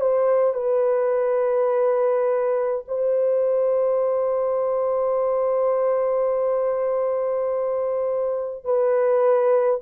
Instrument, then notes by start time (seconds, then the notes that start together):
horn
0.00 C5
0.53 B4
2.87 C5
8.64 B4